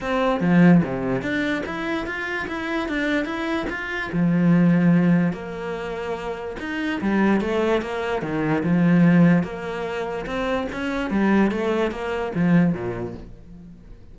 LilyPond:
\new Staff \with { instrumentName = "cello" } { \time 4/4 \tempo 4 = 146 c'4 f4 c4 d'4 | e'4 f'4 e'4 d'4 | e'4 f'4 f2~ | f4 ais2. |
dis'4 g4 a4 ais4 | dis4 f2 ais4~ | ais4 c'4 cis'4 g4 | a4 ais4 f4 ais,4 | }